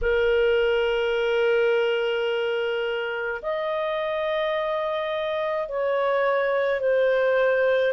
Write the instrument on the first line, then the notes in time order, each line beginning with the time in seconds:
clarinet
0.01 A#4
3.42 D#5
5.68 C#5
6.79 C5